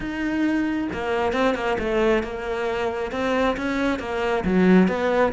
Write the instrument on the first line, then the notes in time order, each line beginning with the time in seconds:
cello
0.00 D#4
0.92 A#3
1.32 C4
1.55 A#3
1.79 A3
2.23 A#3
3.11 C4
3.57 C#4
3.99 A#3
4.44 F#3
4.87 B3